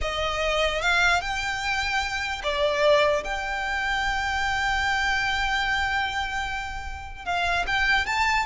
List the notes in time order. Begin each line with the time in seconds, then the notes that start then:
0.01 D#5
0.81 F5
1.21 G5
2.43 D5
3.23 G5
7.25 F5
7.66 G5
8.06 A5